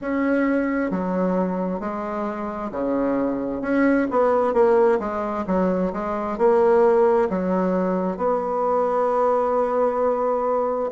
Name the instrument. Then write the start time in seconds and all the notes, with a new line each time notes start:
bassoon
0.01 C#4
0.90 F#3
1.80 G#3
2.71 C#3
3.61 C#4
4.10 B3
4.53 A#3
4.99 G#3
5.47 F#3
5.92 G#3
6.38 A#3
7.29 F#3
8.17 B3